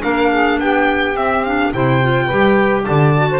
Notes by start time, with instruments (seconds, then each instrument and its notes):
0.00 double bass A#3, clarinet D4, saxophone A#4, violin F5
0.31 saxophone G#4
0.59 double bass B3, saxophone G4, violin G5
1.16 double bass C4, clarinet C4, violin E5
1.44 clarinet D4, violin F5
1.73 double bass C3, clarinet E4, saxophone C5, violin G5
2.02 clarinet F4
2.25 double bass G3, clarinet G4, saxophone B4
2.85 double bass D3, saxophone D5, violin A5
3.16 clarinet F#4
3.31 saxophone C5